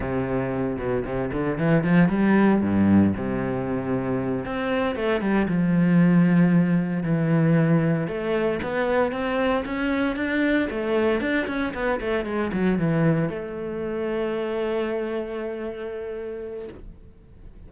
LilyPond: \new Staff \with { instrumentName = "cello" } { \time 4/4 \tempo 4 = 115 c4. b,8 c8 d8 e8 f8 | g4 g,4 c2~ | c8 c'4 a8 g8 f4.~ | f4. e2 a8~ |
a8 b4 c'4 cis'4 d'8~ | d'8 a4 d'8 cis'8 b8 a8 gis8 | fis8 e4 a2~ a8~ | a1 | }